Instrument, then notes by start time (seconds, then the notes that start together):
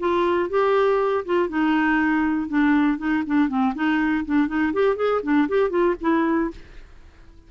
clarinet
0.00 F4
0.50 G4
1.26 F4
1.49 D#4
2.49 D4
2.99 D#4
3.27 D4
3.49 C4
3.75 D#4
4.26 D4
4.48 D#4
4.74 G4
4.97 G#4
5.23 D4
5.49 G4
5.70 F4
6.01 E4